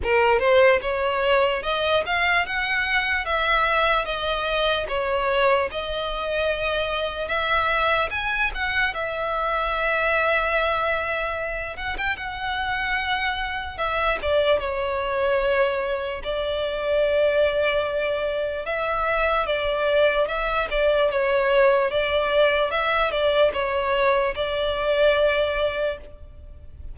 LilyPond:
\new Staff \with { instrumentName = "violin" } { \time 4/4 \tempo 4 = 74 ais'8 c''8 cis''4 dis''8 f''8 fis''4 | e''4 dis''4 cis''4 dis''4~ | dis''4 e''4 gis''8 fis''8 e''4~ | e''2~ e''8 fis''16 g''16 fis''4~ |
fis''4 e''8 d''8 cis''2 | d''2. e''4 | d''4 e''8 d''8 cis''4 d''4 | e''8 d''8 cis''4 d''2 | }